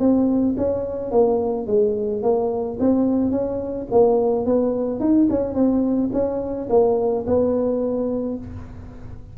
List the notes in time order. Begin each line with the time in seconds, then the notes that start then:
0.00 C4
0.58 C#4
1.12 A#3
1.67 G#3
2.23 A#3
2.80 C4
3.32 C#4
3.92 A#3
4.46 B3
5.00 D#4
5.31 C#4
5.55 C4
6.13 C#4
6.70 A#3
7.27 B3